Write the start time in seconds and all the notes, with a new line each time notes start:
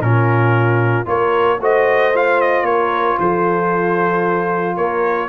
0.00 A#2 C#4 F4 A#4
1.05 A#3 F4 A#4 C#5
1.60 A3 F#4 C5 D#5
2.14 F4 F5
2.41 D#5
2.63 A#3 A#4 C#5
3.20 F3 A4 C5
4.76 A#3 A#4 C#5